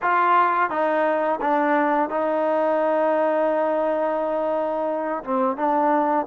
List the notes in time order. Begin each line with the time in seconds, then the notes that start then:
0.02 F4
0.69 D#4
1.41 D4
2.09 D#4
5.24 C4
5.56 D4